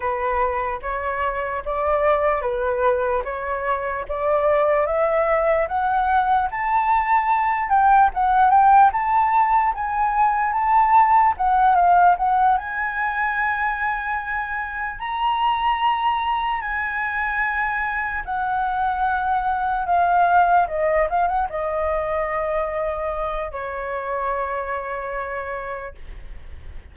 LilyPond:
\new Staff \with { instrumentName = "flute" } { \time 4/4 \tempo 4 = 74 b'4 cis''4 d''4 b'4 | cis''4 d''4 e''4 fis''4 | a''4. g''8 fis''8 g''8 a''4 | gis''4 a''4 fis''8 f''8 fis''8 gis''8~ |
gis''2~ gis''8 ais''4.~ | ais''8 gis''2 fis''4.~ | fis''8 f''4 dis''8 f''16 fis''16 dis''4.~ | dis''4 cis''2. | }